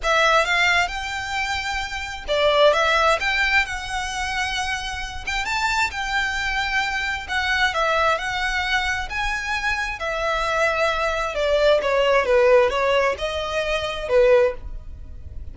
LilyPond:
\new Staff \with { instrumentName = "violin" } { \time 4/4 \tempo 4 = 132 e''4 f''4 g''2~ | g''4 d''4 e''4 g''4 | fis''2.~ fis''8 g''8 | a''4 g''2. |
fis''4 e''4 fis''2 | gis''2 e''2~ | e''4 d''4 cis''4 b'4 | cis''4 dis''2 b'4 | }